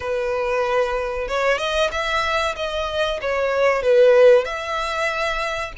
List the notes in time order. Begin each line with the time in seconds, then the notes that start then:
0.00 B4
1.28 C#5
1.58 D#5
1.91 E5
2.56 D#5
3.21 C#5
3.82 B4
4.44 E5